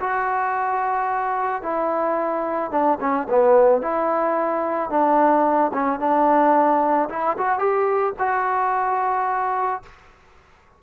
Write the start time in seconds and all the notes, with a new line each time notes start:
0.00 F#4
1.63 E4
2.71 D4
3.00 C#4
3.30 B3
3.82 E4
4.90 D4
5.73 C#4
6.00 D4
7.10 E4
7.38 F#4
7.59 G4
8.19 F#4